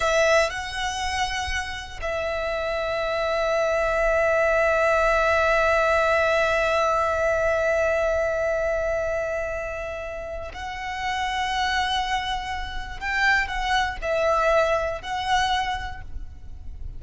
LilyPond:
\new Staff \with { instrumentName = "violin" } { \time 4/4 \tempo 4 = 120 e''4 fis''2. | e''1~ | e''1~ | e''1~ |
e''1~ | e''4 fis''2.~ | fis''2 g''4 fis''4 | e''2 fis''2 | }